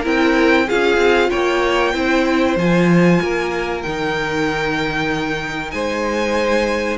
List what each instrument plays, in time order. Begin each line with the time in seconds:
0.00 cello C4, viola E4, violin A#4
0.07 violin G5
0.66 cello C#4, viola F4, violin G#4 F5
0.97 cello C4
1.30 cello A#3, violin C#5 G5
1.94 cello C4, viola E4, violin C5
2.56 cello F3, viola F4, violin G#5
3.21 cello A#3, violin A#4
3.82 cello D#3, viola D#4, violin G5
5.71 cello G#3, violin C5 G#5